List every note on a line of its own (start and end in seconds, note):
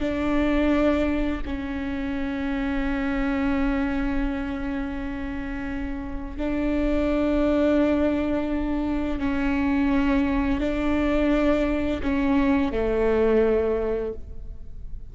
0.00 1.41 D4
1.46 6.37 C#4
6.37 9.19 D4
9.19 10.60 C#4
10.60 12.01 D4
12.03 12.72 C#4
12.72 14.13 A3